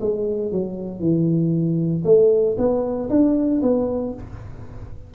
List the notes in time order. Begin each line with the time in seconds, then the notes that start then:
0.00 G#3
0.51 F#3
0.99 E3
2.04 A3
2.57 B3
3.09 D4
3.62 B3